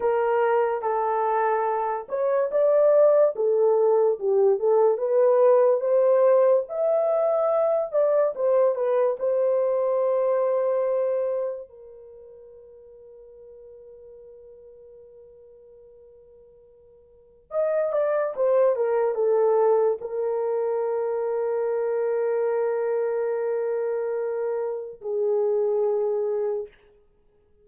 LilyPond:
\new Staff \with { instrumentName = "horn" } { \time 4/4 \tempo 4 = 72 ais'4 a'4. cis''8 d''4 | a'4 g'8 a'8 b'4 c''4 | e''4. d''8 c''8 b'8 c''4~ | c''2 ais'2~ |
ais'1~ | ais'4 dis''8 d''8 c''8 ais'8 a'4 | ais'1~ | ais'2 gis'2 | }